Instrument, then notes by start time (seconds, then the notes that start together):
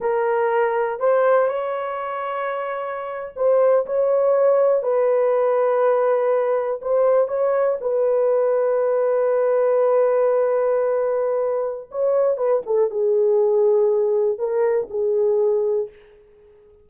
horn
0.00 A#4
0.99 C5
1.47 C#5
3.35 C5
3.85 C#5
4.82 B4
6.81 C5
7.28 C#5
7.81 B4
11.91 C#5
12.37 B4
12.66 A4
12.90 G#4
14.38 A#4
14.90 G#4